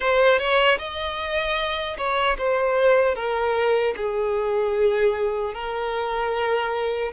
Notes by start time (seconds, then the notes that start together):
0.00 C5
0.38 C#5
0.78 D#5
1.97 C#5
2.38 C5
3.15 A#4
3.96 G#4
5.54 A#4